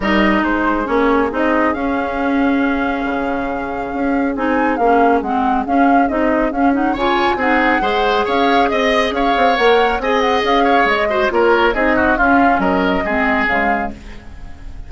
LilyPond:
<<
  \new Staff \with { instrumentName = "flute" } { \time 4/4 \tempo 4 = 138 dis''4 c''4 cis''4 dis''4 | f''1~ | f''2 gis''4 f''4 | fis''4 f''4 dis''4 f''8 fis''8 |
gis''4 fis''2 f''4 | dis''4 f''4 fis''4 gis''8 fis''8 | f''4 dis''4 cis''4 dis''4 | f''4 dis''2 f''4 | }
  \new Staff \with { instrumentName = "oboe" } { \time 4/4 ais'4 gis'2.~ | gis'1~ | gis'1~ | gis'1 |
cis''4 gis'4 c''4 cis''4 | dis''4 cis''2 dis''4~ | dis''8 cis''4 c''8 ais'4 gis'8 fis'8 | f'4 ais'4 gis'2 | }
  \new Staff \with { instrumentName = "clarinet" } { \time 4/4 dis'2 cis'4 dis'4 | cis'1~ | cis'2 dis'4 cis'4 | c'4 cis'4 dis'4 cis'8 dis'8 |
f'4 dis'4 gis'2~ | gis'2 ais'4 gis'4~ | gis'4. fis'8 f'4 dis'4 | cis'2 c'4 gis4 | }
  \new Staff \with { instrumentName = "bassoon" } { \time 4/4 g4 gis4 ais4 c'4 | cis'2. cis4~ | cis4 cis'4 c'4 ais4 | gis4 cis'4 c'4 cis'4 |
cis8. fis'16 c'4 gis4 cis'4 | c'4 cis'8 c'8 ais4 c'4 | cis'4 gis4 ais4 c'4 | cis'4 fis4 gis4 cis4 | }
>>